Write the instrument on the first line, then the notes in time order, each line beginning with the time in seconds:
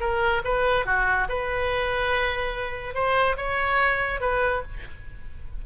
oboe
0.00 A#4
0.45 B4
0.86 F#4
1.29 B4
2.94 C5
3.37 C#5
4.21 B4